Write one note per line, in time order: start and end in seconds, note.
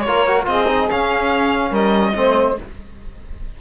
0.00 0.47 A#4
0.00 0.42 C#5
0.06 0.46 A#3
0.06 0.27 F4
0.27 0.44 F#4
0.44 0.88 C4
0.44 0.65 F4
0.44 1.69 G#4
0.44 0.89 D#5
0.67 0.88 D#4
0.90 2.14 C#4
0.90 1.70 C#4
0.90 1.74 F5
1.69 2.12 G3
1.69 2.11 A#4
1.69 2.58 D#5
2.14 2.57 A3
2.14 2.56 C4
2.14 2.60 C5